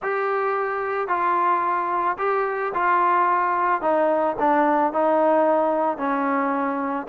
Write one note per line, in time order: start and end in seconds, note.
0.02 1.08 G4
1.08 2.17 F4
2.18 2.72 G4
2.73 3.81 F4
3.81 4.36 D#4
4.39 4.92 D4
4.92 5.97 D#4
5.97 7.06 C#4